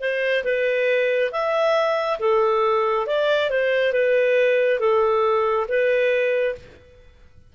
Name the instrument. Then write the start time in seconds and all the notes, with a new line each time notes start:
clarinet
0.00 C5
0.44 B4
1.32 E5
2.19 A4
3.06 D5
3.50 C5
3.92 B4
4.79 A4
5.68 B4